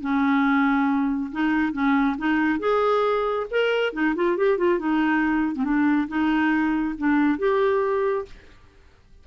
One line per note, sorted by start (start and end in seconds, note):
0.00 1.30 C#4
1.31 1.72 D#4
1.72 2.16 C#4
2.17 2.59 D#4
2.59 3.46 G#4
3.50 3.92 A#4
3.92 4.14 D#4
4.15 4.37 F4
4.37 4.57 G4
4.57 4.79 F4
4.79 5.55 D#4
5.55 5.64 C4
5.64 6.08 D4
6.08 6.95 D#4
6.97 7.38 D4
7.38 8.25 G4